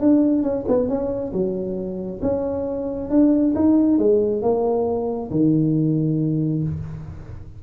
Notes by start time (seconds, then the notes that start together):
0.00 D4
0.43 C#4
0.68 B3
0.88 C#4
1.32 F#3
2.22 C#4
3.10 D4
3.55 D#4
3.98 G#3
4.42 A#3
5.31 D#3